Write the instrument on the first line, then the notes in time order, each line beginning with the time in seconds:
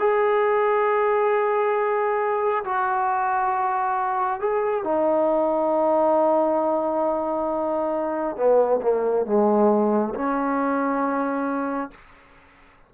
trombone
0.00 G#4
2.65 F#4
4.40 G#4
4.84 D#4
8.37 B3
8.82 A#3
9.26 G#3
10.15 C#4